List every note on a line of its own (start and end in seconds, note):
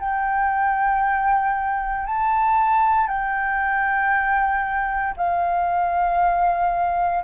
0.00 2.07 G5
2.07 3.08 A5
3.08 5.14 G5
5.17 7.24 F5